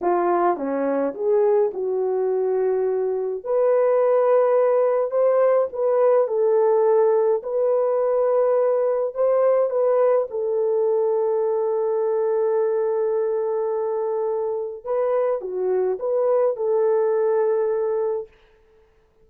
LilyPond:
\new Staff \with { instrumentName = "horn" } { \time 4/4 \tempo 4 = 105 f'4 cis'4 gis'4 fis'4~ | fis'2 b'2~ | b'4 c''4 b'4 a'4~ | a'4 b'2. |
c''4 b'4 a'2~ | a'1~ | a'2 b'4 fis'4 | b'4 a'2. | }